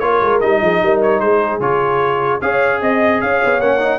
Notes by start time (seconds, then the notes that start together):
0.00 A#3 F4 A#4 C#5
0.21 G#3
0.40 G3 D#4 D#5
0.61 F3 G#4
0.82 G3 A#4
1.02 C#5
1.20 G#3 G#4 C5
1.60 C#3 F4 C#5
2.41 C#4 G#4 C#5 F5
2.81 C4 D#5
3.21 C#4 C#5 F5
3.45 B3
3.59 A#3 C#4 F#5
3.79 D#4